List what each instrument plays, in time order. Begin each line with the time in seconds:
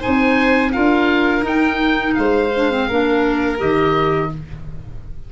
0.00 clarinet D#4, violin C5, oboe G#5
0.07 tuba C4
0.73 tuba D4, clarinet F4, violin A#4, oboe F5
1.42 clarinet D#4, tuba D#4, oboe G5
2.15 tuba G#3, violin C5, oboe F5
2.56 clarinet D4
2.71 clarinet C4
2.88 tuba A#3, clarinet D4, violin A#4
3.58 tuba D#3, clarinet G4, oboe D#5